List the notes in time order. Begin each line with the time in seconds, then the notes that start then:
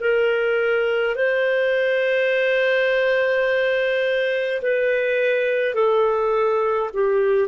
0.00 A#4
1.15 C5
4.62 B4
5.74 A4
6.93 G4